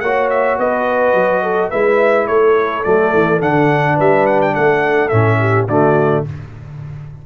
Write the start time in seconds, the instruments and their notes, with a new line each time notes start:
0.00 tuba A#3, trombone F#4, horn C#5, trumpet F#5
0.29 trumpet E5
0.58 tuba B3, horn B4, trumpet D#5
1.13 tuba F#3
1.42 horn A4
1.69 tuba G#3, trombone E4, horn B4, trumpet E5
2.27 tuba A3, horn A4, trumpet C#5
2.83 tuba F#3, trombone A3, trumpet D5
3.13 tuba E3
3.40 tuba D3, trombone D4, trumpet F#5
3.95 tuba G3, horn B4, trumpet E5
4.26 trumpet F#5
4.41 trumpet G5
4.53 tuba A3, horn A4, trumpet F#5
5.08 tuba A2, trombone C#4, trumpet E5
5.40 horn G4
5.67 tuba D3, trombone A3, horn F#4, trumpet D5